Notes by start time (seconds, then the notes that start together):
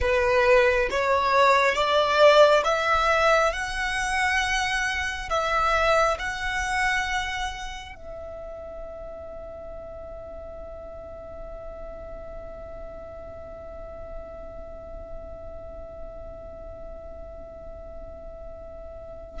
0.00 B4
0.90 C#5
1.74 D5
2.64 E5
3.53 F#5
5.29 E5
6.18 F#5
7.95 E5